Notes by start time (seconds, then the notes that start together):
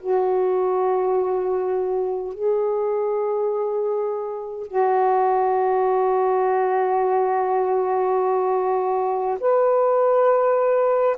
0.00 F#4
2.34 G#4
4.67 F#4
9.40 B4